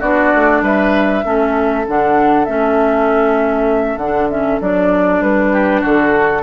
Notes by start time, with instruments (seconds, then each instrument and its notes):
0.00 bassoon B3, clarinet D4, oboe F#4, flute D5
0.35 bassoon A3
0.62 bassoon G3, oboe B4, flute E5
1.24 bassoon A3, clarinet C#4, oboe A4
1.88 bassoon D3, clarinet D4, flute F#5
2.45 bassoon A3, clarinet C#4, flute E5
3.97 bassoon D3, clarinet D4, flute F#5
4.30 clarinet C#4, flute E5
4.61 bassoon F#3, clarinet D4, flute D5
5.21 bassoon G3, flute B4
5.52 oboe G4
5.81 bassoon D3, oboe F#4, flute A4